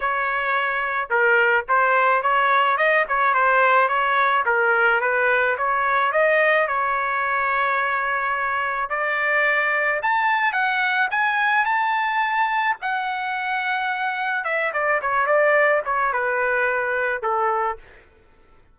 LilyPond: \new Staff \with { instrumentName = "trumpet" } { \time 4/4 \tempo 4 = 108 cis''2 ais'4 c''4 | cis''4 dis''8 cis''8 c''4 cis''4 | ais'4 b'4 cis''4 dis''4 | cis''1 |
d''2 a''4 fis''4 | gis''4 a''2 fis''4~ | fis''2 e''8 d''8 cis''8 d''8~ | d''8 cis''8 b'2 a'4 | }